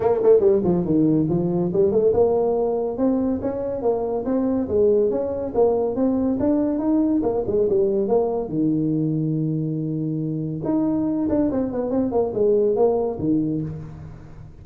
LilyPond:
\new Staff \with { instrumentName = "tuba" } { \time 4/4 \tempo 4 = 141 ais8 a8 g8 f8 dis4 f4 | g8 a8 ais2 c'4 | cis'4 ais4 c'4 gis4 | cis'4 ais4 c'4 d'4 |
dis'4 ais8 gis8 g4 ais4 | dis1~ | dis4 dis'4. d'8 c'8 b8 | c'8 ais8 gis4 ais4 dis4 | }